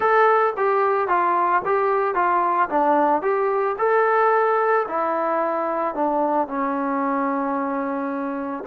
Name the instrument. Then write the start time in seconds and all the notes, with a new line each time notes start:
trombone
0.00 A4
0.56 G4
1.07 F4
1.65 G4
2.14 F4
2.69 D4
3.22 G4
3.78 A4
4.88 E4
5.95 D4
6.47 C#4